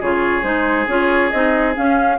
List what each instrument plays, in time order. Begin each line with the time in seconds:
0.00 bassoon C#3, clarinet F4, oboe G#4, flute C#5
0.43 bassoon G#3, clarinet D#4, flute C5
0.88 bassoon C#4, clarinet F4, flute C#5
1.31 bassoon C4, clarinet D#4, flute D#5
1.75 clarinet C#4, bassoon C#4, flute F5